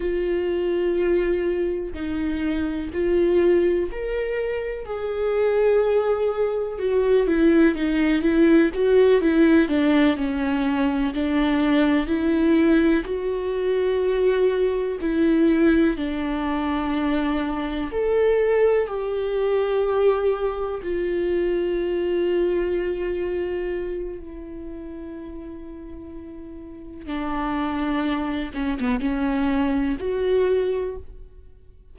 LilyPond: \new Staff \with { instrumentName = "viola" } { \time 4/4 \tempo 4 = 62 f'2 dis'4 f'4 | ais'4 gis'2 fis'8 e'8 | dis'8 e'8 fis'8 e'8 d'8 cis'4 d'8~ | d'8 e'4 fis'2 e'8~ |
e'8 d'2 a'4 g'8~ | g'4. f'2~ f'8~ | f'4 e'2. | d'4. cis'16 b16 cis'4 fis'4 | }